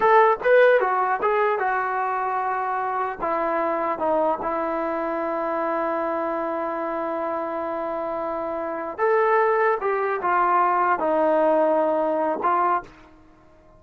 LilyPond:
\new Staff \with { instrumentName = "trombone" } { \time 4/4 \tempo 4 = 150 a'4 b'4 fis'4 gis'4 | fis'1 | e'2 dis'4 e'4~ | e'1~ |
e'1~ | e'2~ e'8 a'4.~ | a'8 g'4 f'2 dis'8~ | dis'2. f'4 | }